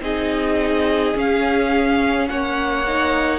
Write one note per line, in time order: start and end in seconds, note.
0.00 1.13 C4
0.00 1.14 D#4
0.00 2.29 G#4
0.00 1.17 D#5
1.14 2.84 C#4
1.14 2.29 C#4
1.14 2.27 F5
2.27 3.39 A#3
2.27 3.39 C#5
2.27 3.39 F#5
2.87 3.39 D#4